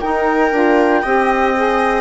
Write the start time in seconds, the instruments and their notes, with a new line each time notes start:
0.00 saxophone D#4, bassoon D#4, viola A#4, flute G5
0.51 bassoon D4, saxophone F4
1.02 bassoon C4, saxophone G4, viola D#5
1.55 saxophone G#4